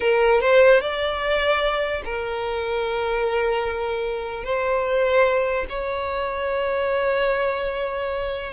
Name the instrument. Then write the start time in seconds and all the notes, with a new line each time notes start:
violin
0.00 A#4
0.40 C5
0.81 D5
2.04 A#4
4.44 C5
5.69 C#5